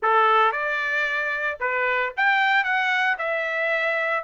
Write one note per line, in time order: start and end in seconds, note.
0.02 0.52 A4
0.52 1.58 D5
1.60 2.13 B4
2.16 2.64 G5
2.64 3.17 F#5
3.18 4.24 E5